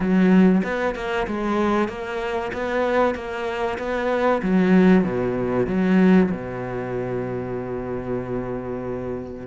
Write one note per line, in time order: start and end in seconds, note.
0.00 0.61 F#3
0.63 0.95 B3
0.95 1.27 A#3
1.27 1.88 G#3
1.88 2.51 A#3
2.52 3.14 B3
3.14 3.78 A#3
3.78 4.41 B3
4.42 5.04 F#3
5.04 5.66 B2
5.66 6.30 F#3
6.31 9.47 B2